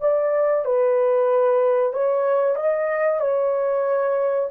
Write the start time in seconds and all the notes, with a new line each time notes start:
0.00 D5
0.65 B4
1.93 C#5
2.55 D#5
3.20 C#5